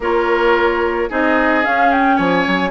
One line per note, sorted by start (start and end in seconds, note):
0.00 1.09 A#3
0.00 1.09 F4
0.00 1.09 A#4
0.00 1.11 C#5
1.09 1.65 C4
1.09 1.62 D#4
1.09 2.16 G#4
1.09 1.64 D#5
1.62 2.70 C#4
1.62 2.18 C#4
1.62 1.91 F5
1.91 2.17 G5
2.16 2.46 F3
2.16 2.70 C#5
2.16 2.70 G#5
2.47 2.70 F#3